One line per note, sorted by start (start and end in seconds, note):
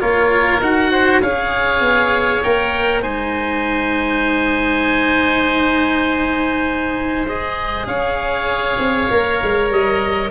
0.00 0.61 A#3
0.00 0.61 F4
0.00 0.92 A#4
0.00 0.61 C#5
0.61 1.21 D#4
0.61 1.22 F#4
0.61 1.22 F#5
0.92 1.22 C5
1.22 1.80 C#4
1.22 2.44 G#4
1.22 3.02 C#5
1.22 2.43 F5
1.80 2.41 B3
2.43 3.03 A#3
2.43 3.02 A#4
2.43 3.02 G5
3.02 7.87 G#3
3.02 7.26 D#4
3.02 7.87 C5
3.02 7.27 G#5
7.28 9.10 G#4
7.28 7.87 D#5
7.87 8.78 C#4
7.87 10.29 C#5
7.87 9.69 F5
8.78 9.08 C4
9.10 9.41 A#3
9.10 10.31 A#4
9.42 9.70 G#3
9.70 10.31 G3
9.70 10.31 D#5